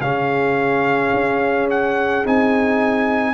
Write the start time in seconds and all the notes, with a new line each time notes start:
0.00 C#3 C#4 G#4 F5
1.13 C#4
1.70 F#5
2.25 C4 D#4 G#5